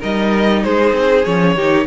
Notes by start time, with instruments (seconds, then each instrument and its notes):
0.00 cello G3, viola D#4, violin A#4 D#5
0.64 cello G#3, violin G#4 C5
0.93 cello C4
1.25 cello F3, viola C#4, violin C#5
1.56 cello D#3, viola D#4, violin G4